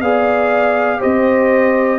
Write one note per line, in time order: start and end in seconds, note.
0.00 1.00 B3
0.00 0.99 G#4
0.00 0.99 D5
0.00 1.01 F5
0.99 1.98 C4
0.99 1.98 G4
0.99 1.98 C5
0.99 1.98 D#5